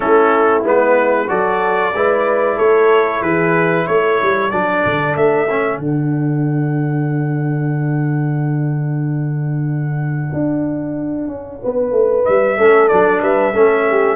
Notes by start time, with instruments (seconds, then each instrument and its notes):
0.00 tuba A3, trombone C#4, horn E4, trumpet A4
0.64 tuba G#3, trombone B3, trumpet B4
1.27 tuba F#3, trombone F#4, horn A4, trumpet D5
1.93 tuba G#3, trombone E4, horn B4
2.56 tuba A3, horn A4, trumpet C#5
3.21 tuba E3, horn G#4, trumpet B4
3.86 tuba A3, horn A4, trumpet C#5
4.22 tuba G3
4.50 tuba F#3, trombone D4, trumpet D5
4.85 tuba D3
5.15 tuba A3, trumpet E5
5.49 trombone C#4
5.78 tuba D3, trombone D4, trumpet F#5
10.33 tuba D4
11.27 tuba C#4
11.62 tuba B3, horn B4
11.91 tuba A3
12.25 tuba G3, trumpet E5
12.57 tuba A3, trombone C#4, horn A4
12.88 tuba F#3, trombone D4, trumpet D5
13.21 tuba G3, horn B4, trumpet E5
13.53 tuba A3, trombone C#4, horn A4
13.90 horn G4